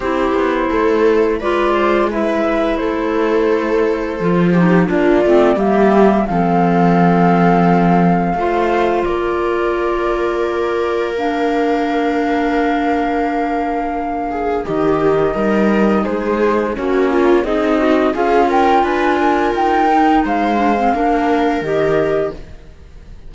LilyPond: <<
  \new Staff \with { instrumentName = "flute" } { \time 4/4 \tempo 4 = 86 c''2 d''4 e''4 | c''2. d''4 | e''4 f''2.~ | f''4 d''2. |
f''1~ | f''4 dis''2 c''4 | cis''4 dis''4 f''8 g''8 gis''4 | g''4 f''2 dis''4 | }
  \new Staff \with { instrumentName = "viola" } { \time 4/4 g'4 a'4 b'8 c''8 b'4 | a'2~ a'8 g'8 f'4 | g'4 a'2. | c''4 ais'2.~ |
ais'1~ | ais'8 gis'8 g'4 ais'4 gis'4 | fis'8 f'8 dis'4 gis'8 ais'8 b'8 ais'8~ | ais'4 c''4 ais'2 | }
  \new Staff \with { instrumentName = "clarinet" } { \time 4/4 e'2 f'4 e'4~ | e'2 f'8 dis'8 d'8 c'8 | ais4 c'2. | f'1 |
d'1~ | d'4 dis'2. | cis'4 gis'8 fis'8 f'2~ | f'8 dis'4 d'16 c'16 d'4 g'4 | }
  \new Staff \with { instrumentName = "cello" } { \time 4/4 c'8 b8 a4 gis2 | a2 f4 ais8 a8 | g4 f2. | a4 ais2.~ |
ais1~ | ais4 dis4 g4 gis4 | ais4 c'4 cis'4 d'4 | dis'4 gis4 ais4 dis4 | }
>>